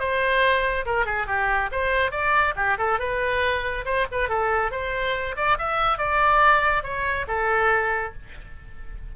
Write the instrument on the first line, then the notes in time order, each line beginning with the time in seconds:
oboe
0.00 C5
0.86 A#4
1.06 G#4
1.27 G4
1.72 C5
2.12 D5
2.57 G4
2.78 A4
3.00 B4
3.86 C5
4.12 B4
4.29 A4
4.72 C5
5.37 D5
5.59 E5
5.98 D5
6.84 C#5
7.28 A4